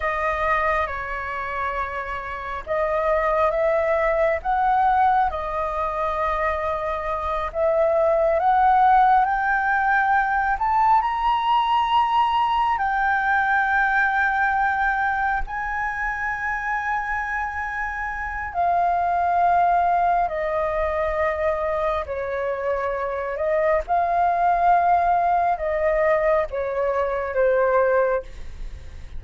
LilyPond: \new Staff \with { instrumentName = "flute" } { \time 4/4 \tempo 4 = 68 dis''4 cis''2 dis''4 | e''4 fis''4 dis''2~ | dis''8 e''4 fis''4 g''4. | a''8 ais''2 g''4.~ |
g''4. gis''2~ gis''8~ | gis''4 f''2 dis''4~ | dis''4 cis''4. dis''8 f''4~ | f''4 dis''4 cis''4 c''4 | }